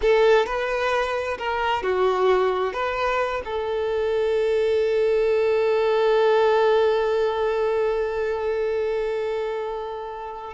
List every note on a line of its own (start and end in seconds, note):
0.01 0.45 A4
0.45 1.37 B4
1.38 1.82 A#4
1.82 2.73 F#4
2.73 3.42 B4
3.45 10.53 A4